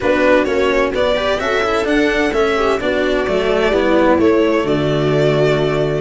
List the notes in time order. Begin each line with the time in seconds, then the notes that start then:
0.00 B3 D4 F#4 B4
0.44 A#3 C#4 C#5
0.94 B3 D5
1.14 G4 B4
1.39 C#4 F#4 A4 E5
1.63 E4
1.84 D4 F#5
2.31 A3 C#4 E5
2.56 G4
2.80 B3 D4 F#4 D5
3.27 F#3 A3
3.69 G3 B3 E4
4.18 A3 C#5
4.63 D3 F#4 D5